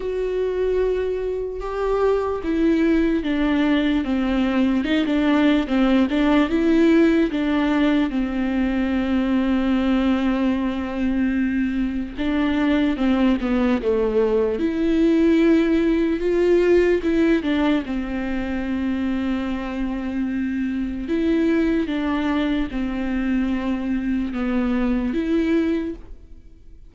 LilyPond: \new Staff \with { instrumentName = "viola" } { \time 4/4 \tempo 4 = 74 fis'2 g'4 e'4 | d'4 c'4 dis'16 d'8. c'8 d'8 | e'4 d'4 c'2~ | c'2. d'4 |
c'8 b8 a4 e'2 | f'4 e'8 d'8 c'2~ | c'2 e'4 d'4 | c'2 b4 e'4 | }